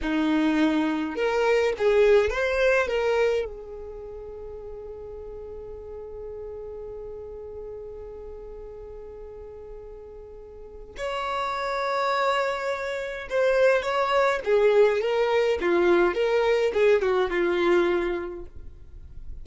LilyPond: \new Staff \with { instrumentName = "violin" } { \time 4/4 \tempo 4 = 104 dis'2 ais'4 gis'4 | c''4 ais'4 gis'2~ | gis'1~ | gis'1~ |
gis'2. cis''4~ | cis''2. c''4 | cis''4 gis'4 ais'4 f'4 | ais'4 gis'8 fis'8 f'2 | }